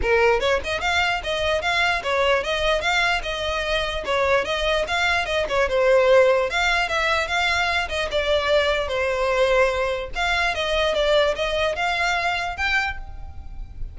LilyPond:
\new Staff \with { instrumentName = "violin" } { \time 4/4 \tempo 4 = 148 ais'4 cis''8 dis''8 f''4 dis''4 | f''4 cis''4 dis''4 f''4 | dis''2 cis''4 dis''4 | f''4 dis''8 cis''8 c''2 |
f''4 e''4 f''4. dis''8 | d''2 c''2~ | c''4 f''4 dis''4 d''4 | dis''4 f''2 g''4 | }